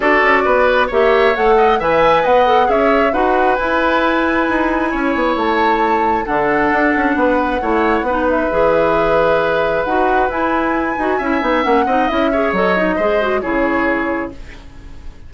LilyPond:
<<
  \new Staff \with { instrumentName = "flute" } { \time 4/4 \tempo 4 = 134 d''2 e''4 fis''4 | gis''4 fis''4 e''4 fis''4 | gis''1 | a''2 fis''2~ |
fis''2~ fis''8 e''4.~ | e''2 fis''4 gis''4~ | gis''2 fis''4 e''4 | dis''2 cis''2 | }
  \new Staff \with { instrumentName = "oboe" } { \time 4/4 a'4 b'4 cis''4. dis''8 | e''4 dis''4 cis''4 b'4~ | b'2. cis''4~ | cis''2 a'2 |
b'4 cis''4 b'2~ | b'1~ | b'4 e''4. dis''4 cis''8~ | cis''4 c''4 gis'2 | }
  \new Staff \with { instrumentName = "clarinet" } { \time 4/4 fis'2 g'4 a'4 | b'4. a'8 gis'4 fis'4 | e'1~ | e'2 d'2~ |
d'4 e'4 dis'4 gis'4~ | gis'2 fis'4 e'4~ | e'8 fis'8 e'8 dis'8 cis'8 dis'8 e'8 gis'8 | a'8 dis'8 gis'8 fis'8 e'2 | }
  \new Staff \with { instrumentName = "bassoon" } { \time 4/4 d'8 cis'8 b4 ais4 a4 | e4 b4 cis'4 dis'4 | e'2 dis'4 cis'8 b8 | a2 d4 d'8 cis'8 |
b4 a4 b4 e4~ | e2 dis'4 e'4~ | e'8 dis'8 cis'8 b8 ais8 c'8 cis'4 | fis4 gis4 cis2 | }
>>